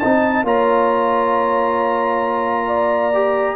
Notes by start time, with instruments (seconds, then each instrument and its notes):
0.00 tuba C4, trombone D#4, horn D#5, trumpet A5
0.44 tuba A#3, trombone F4, horn C#5, trumpet A#5
2.67 horn D5
3.14 trombone G4